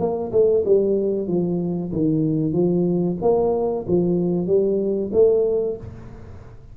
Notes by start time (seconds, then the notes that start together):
0.00 A#3
0.32 A3
0.66 G3
1.28 F3
1.93 D#3
2.53 F3
3.22 A#3
3.88 F3
4.47 G3
5.13 A3